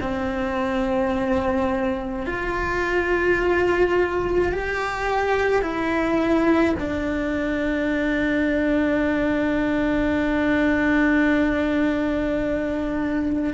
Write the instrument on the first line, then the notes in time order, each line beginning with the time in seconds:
cello
0.00 C4
2.26 F4
4.52 G4
5.61 E4
6.79 D4